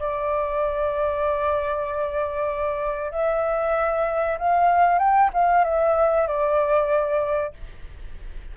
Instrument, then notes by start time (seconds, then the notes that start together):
flute
0.00 D5
3.12 E5
4.38 F5
4.99 G5
5.34 F5
5.65 E5
6.28 D5